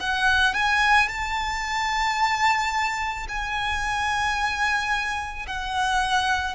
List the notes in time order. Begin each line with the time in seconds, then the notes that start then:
0.00 F#5
0.54 G#5
1.08 A5
3.28 G#5
5.47 F#5